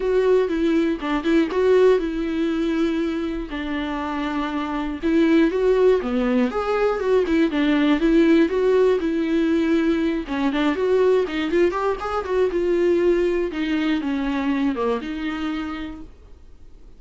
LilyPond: \new Staff \with { instrumentName = "viola" } { \time 4/4 \tempo 4 = 120 fis'4 e'4 d'8 e'8 fis'4 | e'2. d'4~ | d'2 e'4 fis'4 | b4 gis'4 fis'8 e'8 d'4 |
e'4 fis'4 e'2~ | e'8 cis'8 d'8 fis'4 dis'8 f'8 g'8 | gis'8 fis'8 f'2 dis'4 | cis'4. ais8 dis'2 | }